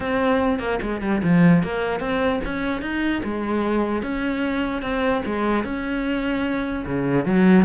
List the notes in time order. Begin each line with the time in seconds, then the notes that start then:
0.00 C4
0.59 A#3
0.82 G#3
1.01 G3
1.23 F3
1.63 A#3
1.99 C4
2.44 C#4
2.81 D#4
3.24 G#3
4.02 C#4
4.81 C4
5.25 G#3
5.63 C#4
6.85 C#3
7.25 F#3